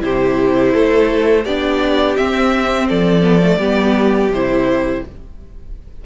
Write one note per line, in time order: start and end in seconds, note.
0.00 0.74 C3
0.00 1.43 E4
0.00 0.74 G4
0.00 1.46 C5
0.74 1.46 A3
0.74 1.44 A4
1.44 2.17 B3
1.44 2.18 D4
1.44 2.87 G4
1.44 2.17 D5
2.17 3.23 C4
2.17 2.90 C4
2.17 2.88 E5
2.88 3.58 F3
2.88 3.59 A4
2.88 4.32 D5
3.23 3.41 B3
3.42 3.60 A3
3.58 4.28 G3
3.58 4.31 B3
3.58 5.02 G4
4.28 5.00 C3
4.28 5.05 C5
4.34 5.06 E4